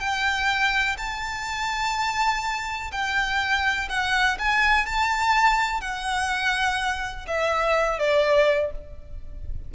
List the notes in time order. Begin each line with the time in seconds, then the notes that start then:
0.00 G5
0.98 A5
2.92 G5
3.89 F#5
4.39 G#5
4.86 A5
5.81 F#5
7.27 E5
7.99 D5